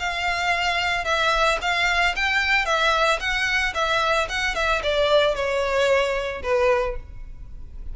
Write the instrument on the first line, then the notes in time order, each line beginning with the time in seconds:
violin
0.00 F5
1.05 E5
1.62 F5
2.16 G5
2.66 E5
3.20 F#5
3.75 E5
4.30 F#5
4.56 E5
4.83 D5
5.35 C#5
6.43 B4